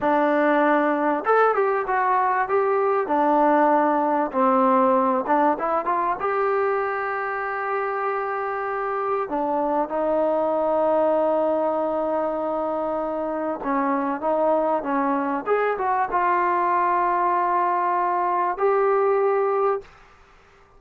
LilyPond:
\new Staff \with { instrumentName = "trombone" } { \time 4/4 \tempo 4 = 97 d'2 a'8 g'8 fis'4 | g'4 d'2 c'4~ | c'8 d'8 e'8 f'8 g'2~ | g'2. d'4 |
dis'1~ | dis'2 cis'4 dis'4 | cis'4 gis'8 fis'8 f'2~ | f'2 g'2 | }